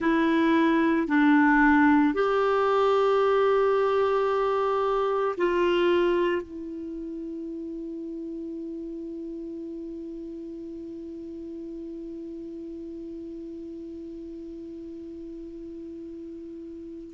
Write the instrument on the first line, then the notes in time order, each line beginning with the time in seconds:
clarinet
0.00 E4
1.07 D4
2.14 G4
5.37 F4
6.42 E4